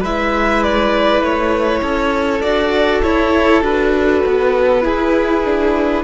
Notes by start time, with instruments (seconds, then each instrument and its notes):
0.00 cello G#3, viola E4, violin B4 E5
0.63 violin D5
1.21 cello A3, violin C#5
1.81 cello C#4, violin A4
2.41 viola D4, cello F#4, violin D5
3.02 viola E4, cello E4, violin C#5
3.62 cello D4, viola F#4, violin B4
4.26 cello B3
4.82 viola E4, cello E4, violin G#4
5.45 viola D4